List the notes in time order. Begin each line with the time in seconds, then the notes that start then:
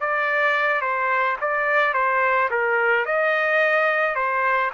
0.00 D5
0.81 C5
1.41 D5
1.93 C5
2.50 A#4
3.06 D#5
4.15 C5